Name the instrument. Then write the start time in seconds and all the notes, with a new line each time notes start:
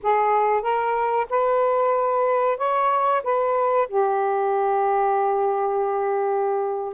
saxophone
0.02 G#4
0.62 A#4
1.29 B4
2.57 C#5
3.23 B4
3.88 G4